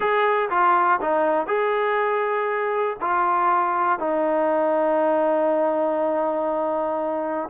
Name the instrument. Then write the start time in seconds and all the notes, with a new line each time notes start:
trombone
0.00 G#4
0.50 F4
1.01 D#4
1.47 G#4
3.00 F4
3.99 D#4